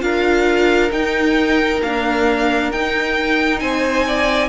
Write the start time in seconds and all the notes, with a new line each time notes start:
0.00 D4 F4 A#4 F5
0.92 D#4 G5
1.82 A#3 D4 F5
2.72 D#4 G5
3.60 C4 C5 G#5
4.07 D5